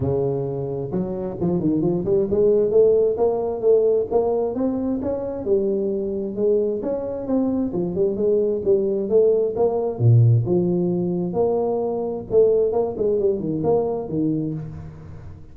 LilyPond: \new Staff \with { instrumentName = "tuba" } { \time 4/4 \tempo 4 = 132 cis2 fis4 f8 dis8 | f8 g8 gis4 a4 ais4 | a4 ais4 c'4 cis'4 | g2 gis4 cis'4 |
c'4 f8 g8 gis4 g4 | a4 ais4 ais,4 f4~ | f4 ais2 a4 | ais8 gis8 g8 dis8 ais4 dis4 | }